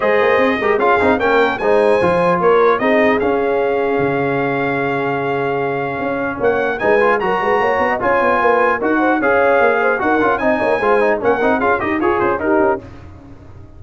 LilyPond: <<
  \new Staff \with { instrumentName = "trumpet" } { \time 4/4 \tempo 4 = 150 dis''2 f''4 g''4 | gis''2 cis''4 dis''4 | f''1~ | f''1 |
fis''4 gis''4 ais''2 | gis''2 fis''4 f''4~ | f''4 fis''4 gis''2 | fis''4 f''8 dis''8 cis''8 c''8 ais'4 | }
  \new Staff \with { instrumentName = "horn" } { \time 4/4 c''4. ais'8 gis'4 ais'4 | c''2 ais'4 gis'4~ | gis'1~ | gis'1 |
cis''4 b'4 ais'8 b'8 cis''8. dis''16 | cis''4 b'4 ais'8 c''8 cis''4~ | cis''8 c''8 ais'4 dis''8 cis''8 c''4 | ais'4 gis'8 g'8 f'4 g'4 | }
  \new Staff \with { instrumentName = "trombone" } { \time 4/4 gis'4. g'8 f'8 dis'8 cis'4 | dis'4 f'2 dis'4 | cis'1~ | cis'1~ |
cis'4 dis'8 f'8 fis'2 | f'2 fis'4 gis'4~ | gis'4 fis'8 f'8 dis'4 f'8 dis'8 | cis'8 dis'8 f'8 g'8 gis'4 dis'4 | }
  \new Staff \with { instrumentName = "tuba" } { \time 4/4 gis8 ais8 c'8 gis8 cis'8 c'8 ais4 | gis4 f4 ais4 c'4 | cis'2 cis2~ | cis2. cis'4 |
ais4 gis4 fis8 gis8 ais8 b8 | cis'8 b8 ais4 dis'4 cis'4 | ais4 dis'8 cis'8 c'8 ais8 gis4 | ais8 c'8 cis'8 dis'8 f'8 cis'8 dis'8 cis'8 | }
>>